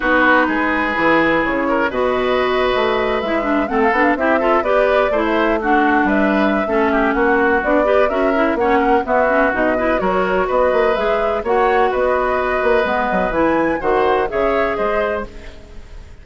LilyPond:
<<
  \new Staff \with { instrumentName = "flute" } { \time 4/4 \tempo 4 = 126 b'2. cis''4 | dis''2~ dis''8. e''4 fis''16 | f''16 fis''16 f''16 e''4 d''4~ d''16 e''8. fis''16~ | fis''8. e''2~ e''16 fis''4 |
d''4 e''4 fis''4 e''4 | dis''4 cis''4 dis''4 e''4 | fis''4 dis''2. | gis''4 fis''4 e''4 dis''4 | }
  \new Staff \with { instrumentName = "oboe" } { \time 4/4 fis'4 gis'2~ gis'8 ais'8 | b'2.~ b'8. a'16~ | a'8. g'8 a'8 b'4 c''4 fis'16~ | fis'8. b'4~ b'16 a'8 g'8 fis'4~ |
fis'8 b'8 ais'4 cis''8 ais'8 fis'4~ | fis'8 b'8 ais'4 b'2 | cis''4 b'2.~ | b'4 c''4 cis''4 c''4 | }
  \new Staff \with { instrumentName = "clarinet" } { \time 4/4 dis'2 e'2 | fis'2~ fis'8. e'8 d'8 c'16~ | c'16 d'8 e'8 f'8 g'4 e'4 d'16~ | d'2 cis'2 |
d'8 g'8 fis'8 e'8 cis'4 b8 cis'8 | dis'8 e'8 fis'2 gis'4 | fis'2. b4 | e'4 fis'4 gis'2 | }
  \new Staff \with { instrumentName = "bassoon" } { \time 4/4 b4 gis4 e4 cis4 | b,4.~ b,16 a4 gis4 a16~ | a16 b8 c'4 b4 a4~ a16~ | a8. g4~ g16 a4 ais4 |
b4 cis'4 ais4 b4 | b,4 fis4 b8 ais8 gis4 | ais4 b4. ais8 gis8 fis8 | e4 dis4 cis4 gis4 | }
>>